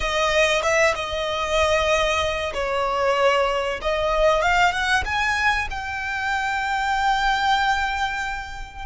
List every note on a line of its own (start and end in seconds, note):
0.00 0.61 D#5
0.63 0.94 E5
0.95 2.53 D#5
2.53 3.80 C#5
3.81 4.42 D#5
4.42 4.72 F5
4.72 5.03 F#5
5.05 5.68 G#5
5.70 8.85 G5